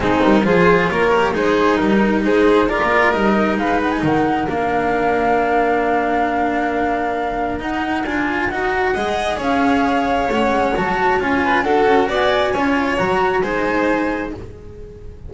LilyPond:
<<
  \new Staff \with { instrumentName = "flute" } { \time 4/4 \tempo 4 = 134 gis'8 ais'8 c''4 cis''4 c''4 | ais'4 c''4 d''4 dis''4 | f''8 fis''16 gis''16 fis''4 f''2~ | f''1~ |
f''4 fis''4 gis''4 fis''4~ | fis''4 f''2 fis''4 | a''4 gis''4 fis''4 gis''4~ | gis''4 ais''4 gis''2 | }
  \new Staff \with { instrumentName = "violin" } { \time 4/4 dis'4 gis'4 ais'4 dis'4~ | dis'4 gis'4 ais'2 | b'4 ais'2.~ | ais'1~ |
ais'1 | dis''4 cis''2.~ | cis''4. b'8 a'4 d''4 | cis''2 c''2 | }
  \new Staff \with { instrumentName = "cello" } { \time 4/4 c'4 f'4. g'8 gis'4 | dis'2 f'4 dis'4~ | dis'2 d'2~ | d'1~ |
d'4 dis'4 f'4 fis'4 | gis'2. cis'4 | fis'4 f'4 fis'2 | f'4 fis'4 dis'2 | }
  \new Staff \with { instrumentName = "double bass" } { \time 4/4 gis8 g8 f4 ais4 gis4 | g4 gis4~ gis16 ais8. g4 | gis4 dis4 ais2~ | ais1~ |
ais4 dis'4 d'4 dis'4 | gis4 cis'2 a8 gis8 | fis4 cis'4 d'8 cis'8 b4 | cis'4 fis4 gis2 | }
>>